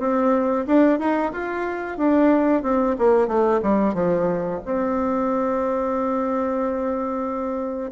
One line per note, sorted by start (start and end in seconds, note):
0.00 0.66 C4
0.67 1.00 D4
1.00 1.32 D#4
1.33 1.98 F4
1.98 2.63 D4
2.63 2.96 C4
2.99 3.28 A#3
3.28 3.61 A3
3.63 3.94 G3
3.94 4.60 F3
4.66 7.92 C4